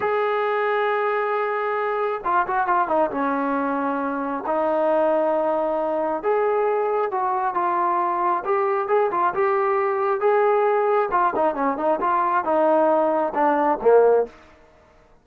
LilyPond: \new Staff \with { instrumentName = "trombone" } { \time 4/4 \tempo 4 = 135 gis'1~ | gis'4 f'8 fis'8 f'8 dis'8 cis'4~ | cis'2 dis'2~ | dis'2 gis'2 |
fis'4 f'2 g'4 | gis'8 f'8 g'2 gis'4~ | gis'4 f'8 dis'8 cis'8 dis'8 f'4 | dis'2 d'4 ais4 | }